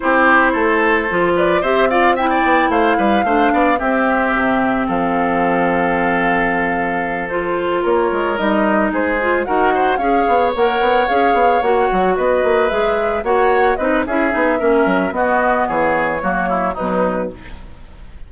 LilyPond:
<<
  \new Staff \with { instrumentName = "flute" } { \time 4/4 \tempo 4 = 111 c''2~ c''8 d''8 e''8 f''8 | g''4 f''2 e''4~ | e''4 f''2.~ | f''4. c''4 cis''4 dis''8~ |
dis''8 c''4 fis''4 f''4 fis''8~ | fis''8 f''4 fis''4 dis''4 e''8~ | e''8 fis''4 dis''8 e''2 | dis''4 cis''2 b'4 | }
  \new Staff \with { instrumentName = "oboe" } { \time 4/4 g'4 a'4. b'8 c''8 d''8 | e''16 d''8. c''8 b'8 c''8 d''8 g'4~ | g'4 a'2.~ | a'2~ a'8 ais'4.~ |
ais'8 gis'4 ais'8 c''8 cis''4.~ | cis''2~ cis''8 b'4.~ | b'8 cis''4 b'8 gis'4 ais'4 | fis'4 gis'4 fis'8 e'8 dis'4 | }
  \new Staff \with { instrumentName = "clarinet" } { \time 4/4 e'2 f'4 g'8 f'8 | e'2 d'4 c'4~ | c'1~ | c'4. f'2 dis'8~ |
dis'4 f'8 fis'4 gis'4 ais'8~ | ais'8 gis'4 fis'2 gis'8~ | gis'8 fis'4 dis'8 e'8 dis'8 cis'4 | b2 ais4 fis4 | }
  \new Staff \with { instrumentName = "bassoon" } { \time 4/4 c'4 a4 f4 c'4~ | c'8 b8 a8 g8 a8 b8 c'4 | c4 f2.~ | f2~ f8 ais8 gis8 g8~ |
g8 gis4 dis'4 cis'8 b8 ais8 | b8 cis'8 b8 ais8 fis8 b8 ais8 gis8~ | gis8 ais4 c'8 cis'8 b8 ais8 fis8 | b4 e4 fis4 b,4 | }
>>